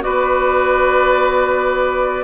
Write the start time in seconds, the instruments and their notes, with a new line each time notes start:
0.00 bassoon B3, clarinet F#4, oboe B4, flute D5